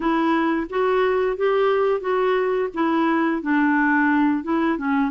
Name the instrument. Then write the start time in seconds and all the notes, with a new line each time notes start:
clarinet
0.00 E4
0.69 F#4
1.36 G4
2.00 F#4
2.74 E4
3.42 D4
4.43 E4
4.77 C#4